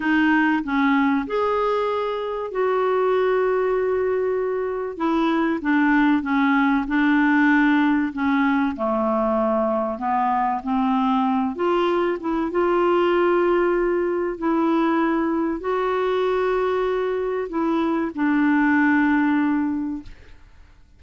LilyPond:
\new Staff \with { instrumentName = "clarinet" } { \time 4/4 \tempo 4 = 96 dis'4 cis'4 gis'2 | fis'1 | e'4 d'4 cis'4 d'4~ | d'4 cis'4 a2 |
b4 c'4. f'4 e'8 | f'2. e'4~ | e'4 fis'2. | e'4 d'2. | }